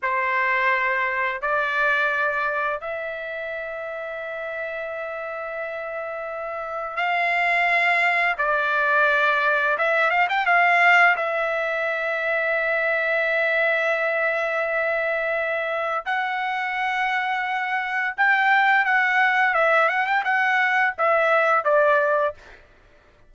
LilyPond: \new Staff \with { instrumentName = "trumpet" } { \time 4/4 \tempo 4 = 86 c''2 d''2 | e''1~ | e''2 f''2 | d''2 e''8 f''16 g''16 f''4 |
e''1~ | e''2. fis''4~ | fis''2 g''4 fis''4 | e''8 fis''16 g''16 fis''4 e''4 d''4 | }